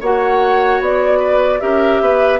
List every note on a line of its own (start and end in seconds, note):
0.00 0.80 A#3
0.00 1.60 F#4
0.00 1.19 C#5
0.00 0.83 F#5
0.80 1.60 B3
0.80 1.60 D5
1.19 1.59 B4
1.60 2.00 C#4
1.60 2.39 G4
1.60 2.02 A#4
1.60 2.39 E5
2.00 2.39 B3
2.00 2.39 B4